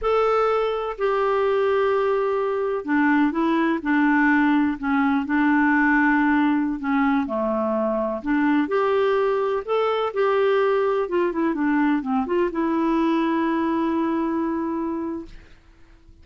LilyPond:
\new Staff \with { instrumentName = "clarinet" } { \time 4/4 \tempo 4 = 126 a'2 g'2~ | g'2 d'4 e'4 | d'2 cis'4 d'4~ | d'2~ d'16 cis'4 a8.~ |
a4~ a16 d'4 g'4.~ g'16~ | g'16 a'4 g'2 f'8 e'16~ | e'16 d'4 c'8 f'8 e'4.~ e'16~ | e'1 | }